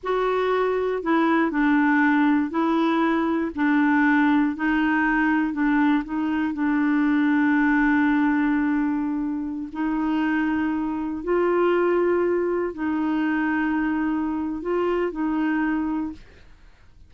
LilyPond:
\new Staff \with { instrumentName = "clarinet" } { \time 4/4 \tempo 4 = 119 fis'2 e'4 d'4~ | d'4 e'2 d'4~ | d'4 dis'2 d'4 | dis'4 d'2.~ |
d'2.~ d'16 dis'8.~ | dis'2~ dis'16 f'4.~ f'16~ | f'4~ f'16 dis'2~ dis'8.~ | dis'4 f'4 dis'2 | }